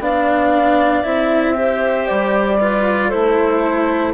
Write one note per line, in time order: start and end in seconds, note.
0.00 1.03 B3
0.00 1.04 D4
0.00 1.55 D5
0.00 1.04 F5
1.04 2.08 C4
1.04 1.55 E4
1.04 2.07 E5
1.55 2.58 G4
1.55 2.58 C5
2.07 3.13 G3
2.07 3.10 D5
2.60 3.12 F4
2.60 3.09 B4
3.09 4.14 E4
3.09 4.12 A4
3.09 4.14 C5
3.15 4.14 A3